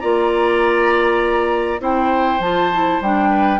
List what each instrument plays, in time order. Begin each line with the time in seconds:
0.00 bassoon A#3, clarinet F4, oboe D5, flute A#5
1.79 bassoon C4, clarinet E4, oboe C5, flute G5
2.40 bassoon F3, clarinet F4, flute A5
2.73 clarinet E4
3.01 bassoon G3, clarinet D4, flute G5
3.30 oboe B4